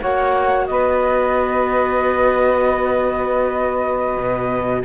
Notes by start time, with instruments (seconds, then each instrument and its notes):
0.00 cello A#3, viola F#4, saxophone C#5, flute F#5
0.66 cello B3, saxophone B4, flute D#5
4.16 cello B2